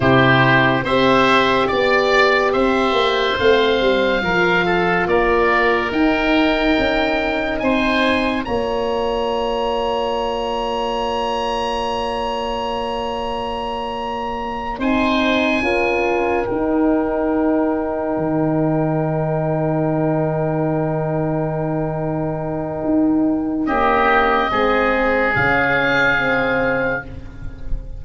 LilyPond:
<<
  \new Staff \with { instrumentName = "oboe" } { \time 4/4 \tempo 4 = 71 c''4 e''4 d''4 e''4 | f''2 d''4 g''4~ | g''4 gis''4 ais''2~ | ais''1~ |
ais''4. gis''2 g''8~ | g''1~ | g''1 | dis''2 f''2 | }
  \new Staff \with { instrumentName = "oboe" } { \time 4/4 g'4 c''4 d''4 c''4~ | c''4 ais'8 a'8 ais'2~ | ais'4 c''4 cis''2~ | cis''1~ |
cis''4. c''4 ais'4.~ | ais'1~ | ais'1 | g'4 gis'2. | }
  \new Staff \with { instrumentName = "horn" } { \time 4/4 e'4 g'2. | c'4 f'2 dis'4~ | dis'2 f'2~ | f'1~ |
f'4. dis'4 f'4 dis'8~ | dis'1~ | dis'1 | ais4 c'4 cis'4 c'4 | }
  \new Staff \with { instrumentName = "tuba" } { \time 4/4 c4 c'4 b4 c'8 ais8 | a8 g8 f4 ais4 dis'4 | cis'4 c'4 ais2~ | ais1~ |
ais4. c'4 cis'4 dis'8~ | dis'4. dis2~ dis8~ | dis2. dis'4 | cis'4 gis4 cis2 | }
>>